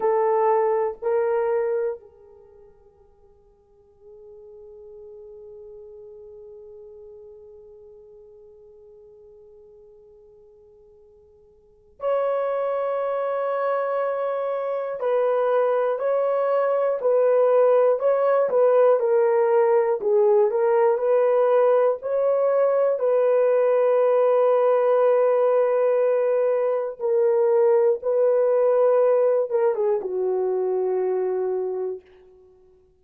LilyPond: \new Staff \with { instrumentName = "horn" } { \time 4/4 \tempo 4 = 60 a'4 ais'4 gis'2~ | gis'1~ | gis'1 | cis''2. b'4 |
cis''4 b'4 cis''8 b'8 ais'4 | gis'8 ais'8 b'4 cis''4 b'4~ | b'2. ais'4 | b'4. ais'16 gis'16 fis'2 | }